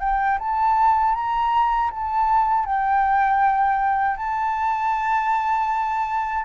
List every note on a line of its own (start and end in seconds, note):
0.00 0.38 G5
0.39 1.15 A5
1.15 1.91 A#5
1.91 2.65 A5
2.65 4.17 G5
4.17 6.45 A5